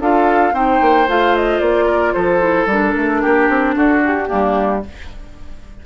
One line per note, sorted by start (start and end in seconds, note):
0.00 0.53 D4
0.00 0.53 F4
0.00 0.54 A4
0.00 0.55 F5
0.53 0.80 C4
0.53 1.07 D#4
0.53 1.85 C5
0.53 1.08 G5
0.81 1.08 A#3
1.08 1.60 A3
1.08 2.40 F4
1.08 1.36 F5
1.36 1.60 D#5
1.60 2.14 A#3
1.60 2.13 D5
1.85 2.12 A#4
2.13 2.66 F3
2.13 3.21 A4
2.13 2.67 C5
2.40 2.67 E4
2.66 2.93 G3
2.66 3.76 A#4
2.72 4.27 D4
2.96 3.23 A3
3.21 3.49 A#3
3.21 3.75 G4
3.49 3.75 C4
3.76 4.29 D4
3.76 4.29 F#4
3.76 4.02 A4
4.05 4.85 G4
4.27 4.85 G3
4.27 4.80 A#3
4.27 4.82 D4